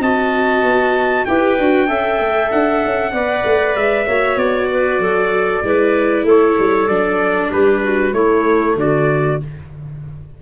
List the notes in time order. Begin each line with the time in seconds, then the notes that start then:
0.00 C4 F#4 D#5 A5
0.63 B3
1.26 E4 G4 B4 G5
1.59 D4 F#4
1.88 C#4 A4 E5
2.20 A3
2.51 D4 F#5
2.85 C#4
3.13 B3 B4 D5
3.45 A3
3.76 G#3 E5
4.06 A#3 F#4 C#5
4.36 B3 D5
4.72 B4
4.99 F#3 A4
5.63 G#3 E4 B4
6.24 A3 A4 C#5
6.60 G3
6.88 F#3 D4 D5
7.50 G3 G4 B4
7.83 F#4
8.13 A3 E4 C#5
8.76 D3 F#4 D5